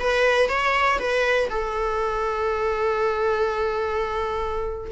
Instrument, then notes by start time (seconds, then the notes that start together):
viola
0.00 B4
0.49 C#5
0.99 B4
1.50 A4